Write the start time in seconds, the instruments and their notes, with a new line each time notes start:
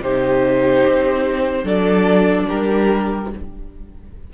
0.00 cello C3, viola D#4, violin G4 C5
0.86 cello C4
1.63 cello F#3, viola D4, violin A4 D5
2.48 cello G3, violin G4 A#4